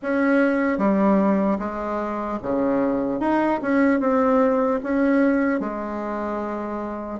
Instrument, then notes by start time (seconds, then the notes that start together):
bassoon
0.02 C#4
0.77 G3
1.58 G#3
2.42 C#3
3.20 D#4
3.61 C#4
4.00 C4
4.83 C#4
5.60 G#3